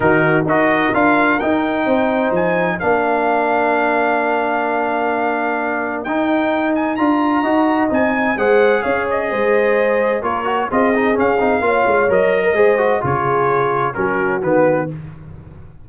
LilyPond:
<<
  \new Staff \with { instrumentName = "trumpet" } { \time 4/4 \tempo 4 = 129 ais'4 dis''4 f''4 g''4~ | g''4 gis''4 f''2~ | f''1~ | f''4 g''4. gis''8 ais''4~ |
ais''4 gis''4 fis''4 f''8 dis''8~ | dis''2 cis''4 dis''4 | f''2 dis''2 | cis''2 ais'4 b'4 | }
  \new Staff \with { instrumentName = "horn" } { \time 4/4 fis'4 ais'2. | c''2 ais'2~ | ais'1~ | ais'1 |
dis''2 c''4 cis''4 | c''2 ais'4 gis'4~ | gis'4 cis''4.~ cis''16 ais'16 c''4 | gis'2 fis'2 | }
  \new Staff \with { instrumentName = "trombone" } { \time 4/4 dis'4 fis'4 f'4 dis'4~ | dis'2 d'2~ | d'1~ | d'4 dis'2 f'4 |
fis'4 dis'4 gis'2~ | gis'2 f'8 fis'8 f'8 dis'8 | cis'8 dis'8 f'4 ais'4 gis'8 fis'8 | f'2 cis'4 b4 | }
  \new Staff \with { instrumentName = "tuba" } { \time 4/4 dis4 dis'4 d'4 dis'4 | c'4 f4 ais2~ | ais1~ | ais4 dis'2 d'4 |
dis'4 c'4 gis4 cis'4 | gis2 ais4 c'4 | cis'8 c'8 ais8 gis8 fis4 gis4 | cis2 fis4 dis4 | }
>>